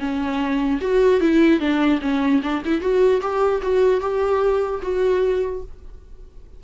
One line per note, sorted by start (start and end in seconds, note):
0.00 0.80 C#4
0.81 1.21 F#4
1.21 1.60 E4
1.60 2.00 D4
2.01 2.41 C#4
2.43 2.63 D4
2.65 2.81 E4
2.81 3.21 F#4
3.21 3.61 G4
3.63 4.01 F#4
4.01 4.81 G4
4.82 5.62 F#4